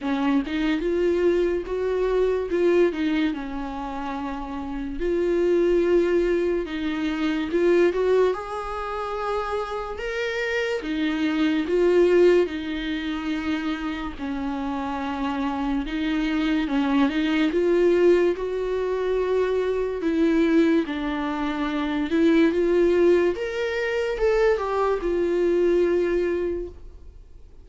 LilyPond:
\new Staff \with { instrumentName = "viola" } { \time 4/4 \tempo 4 = 72 cis'8 dis'8 f'4 fis'4 f'8 dis'8 | cis'2 f'2 | dis'4 f'8 fis'8 gis'2 | ais'4 dis'4 f'4 dis'4~ |
dis'4 cis'2 dis'4 | cis'8 dis'8 f'4 fis'2 | e'4 d'4. e'8 f'4 | ais'4 a'8 g'8 f'2 | }